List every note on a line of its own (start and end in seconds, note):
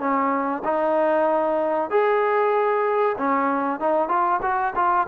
0.00 0.63 C#4
0.65 1.91 D#4
1.91 3.17 G#4
3.18 3.80 C#4
3.80 4.09 D#4
4.09 4.41 F4
4.43 4.74 F#4
4.76 5.08 F4